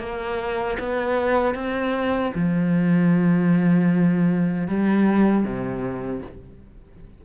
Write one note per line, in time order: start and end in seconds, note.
0.00 0.78 A#3
0.79 1.55 B3
1.55 2.33 C4
2.35 4.68 F3
4.68 5.44 G3
5.44 6.22 C3